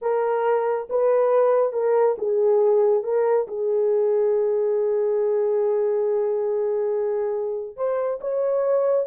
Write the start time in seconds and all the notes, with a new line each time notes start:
0.01 A#4
0.89 B4
1.73 A#4
2.18 G#4
3.03 A#4
3.47 G#4
7.76 C5
8.20 C#5